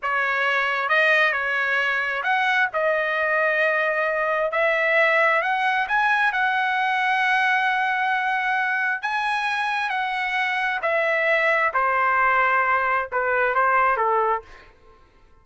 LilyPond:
\new Staff \with { instrumentName = "trumpet" } { \time 4/4 \tempo 4 = 133 cis''2 dis''4 cis''4~ | cis''4 fis''4 dis''2~ | dis''2 e''2 | fis''4 gis''4 fis''2~ |
fis''1 | gis''2 fis''2 | e''2 c''2~ | c''4 b'4 c''4 a'4 | }